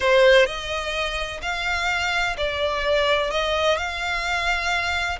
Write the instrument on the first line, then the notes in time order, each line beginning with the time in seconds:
violin
0.00 C5
0.46 D#5
1.42 F5
2.37 D5
3.30 D#5
3.77 F5